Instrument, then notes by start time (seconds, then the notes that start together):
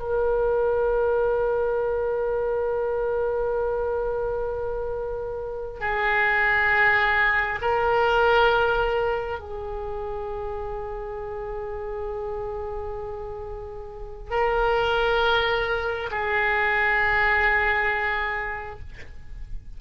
oboe
0.00 A#4
5.80 G#4
7.62 A#4
9.40 G#4
14.31 A#4
16.12 G#4